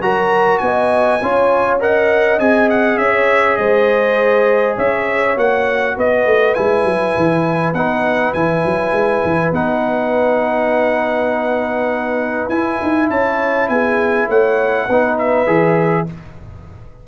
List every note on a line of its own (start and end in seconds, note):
0.00 0.59 F#3
0.00 1.20 F#4
0.00 0.63 A#4
0.00 0.58 A#5
0.58 1.21 B3
0.58 1.77 G#5
0.65 1.22 D#5
1.22 2.39 C#4
1.22 1.80 F4
1.22 1.82 C#5
1.80 2.39 A#4
1.80 3.00 D#5
1.80 2.39 F#5
2.39 2.98 C4
2.39 5.37 G#4
2.39 2.69 G#5
2.70 2.97 F#5
2.97 3.57 C#4
2.97 3.59 C#5
2.97 3.57 E5
3.57 4.77 G#3
3.57 4.77 C5
3.57 4.75 D#5
4.77 5.37 C#4
4.77 5.95 C#5
4.77 5.38 E5
5.37 5.96 A#3
5.37 6.55 F#4
5.37 5.98 F#5
5.96 6.26 B3
5.96 13.09 B4
5.96 6.54 D#5
6.26 6.56 A3
6.54 6.84 G#3
6.54 7.74 E4
6.54 7.73 G#5
6.84 7.14 F#3
7.17 7.74 E3
7.74 8.33 B3
7.74 8.36 D#4
7.74 8.33 F#5
8.33 8.63 E3
8.33 9.54 E4
8.33 9.52 G#5
8.65 8.92 F#3
8.92 9.22 G#3
9.24 9.52 E3
9.52 12.49 B3
9.52 12.51 D#4
9.52 12.49 F#5
12.49 12.79 E4
12.49 14.89 E4
12.49 13.08 G#5
12.82 13.10 D#4
13.10 13.69 C#4
13.10 13.70 C#5
13.10 13.69 A5
13.69 14.28 B3
13.69 14.28 G#4
13.69 14.28 G#5
14.28 14.87 A3
14.28 14.87 C#5
14.28 15.18 F#5
14.87 15.47 B3
14.87 15.47 D#4
14.87 16.06 B4
15.18 16.07 E5
15.47 16.06 E3
15.47 16.06 G#4